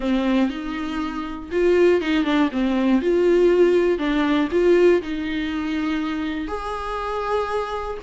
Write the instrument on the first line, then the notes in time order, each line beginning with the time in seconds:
viola
0.00 C4
0.49 D#4
1.51 F4
2.01 D#4
2.24 D4
2.51 C4
3.01 F4
3.98 D4
4.51 F4
5.02 D#4
6.47 G#4